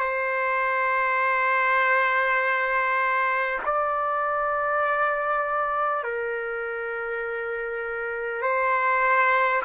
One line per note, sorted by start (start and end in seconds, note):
0.00 3.60 C5
3.66 6.04 D5
6.04 8.42 A#4
8.42 9.62 C5